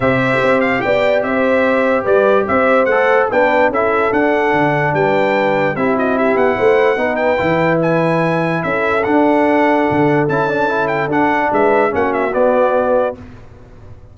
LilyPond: <<
  \new Staff \with { instrumentName = "trumpet" } { \time 4/4 \tempo 4 = 146 e''4. f''8 g''4 e''4~ | e''4 d''4 e''4 fis''4 | g''4 e''4 fis''2 | g''2 e''8 dis''8 e''8 fis''8~ |
fis''4. g''4. gis''4~ | gis''4 e''4 fis''2~ | fis''4 a''4. g''8 fis''4 | e''4 fis''8 e''8 d''2 | }
  \new Staff \with { instrumentName = "horn" } { \time 4/4 c''2 d''4 c''4~ | c''4 b'4 c''2 | b'4 a'2. | b'2 g'8 fis'8 g'4 |
c''4 b'2.~ | b'4 a'2.~ | a'1 | b'4 fis'2. | }
  \new Staff \with { instrumentName = "trombone" } { \time 4/4 g'1~ | g'2. a'4 | d'4 e'4 d'2~ | d'2 e'2~ |
e'4 dis'4 e'2~ | e'2 d'2~ | d'4 e'8 d'8 e'4 d'4~ | d'4 cis'4 b2 | }
  \new Staff \with { instrumentName = "tuba" } { \time 4/4 c4 c'4 b4 c'4~ | c'4 g4 c'4 a4 | b4 cis'4 d'4 d4 | g2 c'4. b8 |
a4 b4 e2~ | e4 cis'4 d'2 | d4 cis'2 d'4 | gis4 ais4 b2 | }
>>